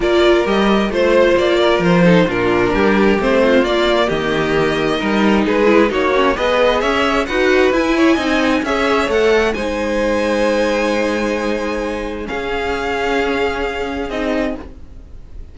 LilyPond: <<
  \new Staff \with { instrumentName = "violin" } { \time 4/4 \tempo 4 = 132 d''4 dis''4 c''4 d''4 | c''4 ais'2 c''4 | d''4 dis''2. | b'4 cis''4 dis''4 e''4 |
fis''4 gis''2 e''4 | fis''4 gis''2.~ | gis''2. f''4~ | f''2. dis''4 | }
  \new Staff \with { instrumentName = "violin" } { \time 4/4 ais'2 c''4. ais'8~ | ais'8 a'8 f'4 g'4. f'8~ | f'4 g'2 ais'4 | gis'4 fis'4 b'4 cis''4 |
b'4. cis''8 dis''4 cis''4~ | cis''4 c''2.~ | c''2. gis'4~ | gis'1 | }
  \new Staff \with { instrumentName = "viola" } { \time 4/4 f'4 g'4 f'2~ | f'8 dis'8 d'2 c'4 | ais2. dis'4~ | dis'8 e'8 dis'8 cis'8 gis'2 |
fis'4 e'4 dis'4 gis'4 | a'4 dis'2.~ | dis'2. cis'4~ | cis'2. dis'4 | }
  \new Staff \with { instrumentName = "cello" } { \time 4/4 ais4 g4 a4 ais4 | f4 ais,4 g4 a4 | ais4 dis2 g4 | gis4 ais4 b4 cis'4 |
dis'4 e'4 c'4 cis'4 | a4 gis2.~ | gis2. cis'4~ | cis'2. c'4 | }
>>